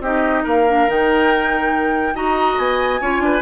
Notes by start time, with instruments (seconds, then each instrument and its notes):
0.00 bassoon C4, clarinet D#4, oboe G4, flute D#5
0.44 bassoon A#3, oboe A#4, flute F5
0.68 clarinet D4
0.88 bassoon D#3, clarinet D#4, flute G5
2.15 bassoon D#4, clarinet F#4, oboe D#5, flute A#5
2.58 bassoon B3, flute G#5
3.01 bassoon C#4, clarinet F4, oboe C#5
3.20 bassoon D4, oboe B4